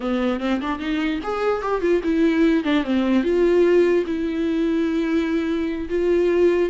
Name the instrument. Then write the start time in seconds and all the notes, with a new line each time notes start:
viola
0.00 B3
0.40 C4
0.60 D4
0.79 D#4
1.23 G#4
1.62 G4
1.81 F4
2.03 E4
2.64 D4
2.84 C4
3.23 F4
4.06 E4
5.89 F4